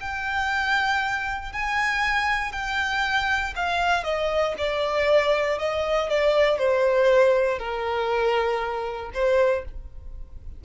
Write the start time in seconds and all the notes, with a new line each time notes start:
0.00 G5
1.53 G#5
2.52 G5
3.56 F5
4.04 D#5
4.58 D5
5.59 D#5
6.09 D5
6.58 C5
7.59 A#4
9.14 C5